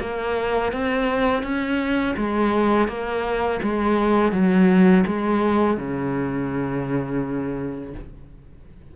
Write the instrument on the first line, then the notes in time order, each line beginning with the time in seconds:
cello
0.00 A#3
0.72 C4
1.43 C#4
2.17 G#3
2.88 A#3
3.62 G#3
4.32 F#3
5.06 G#3
5.77 C#3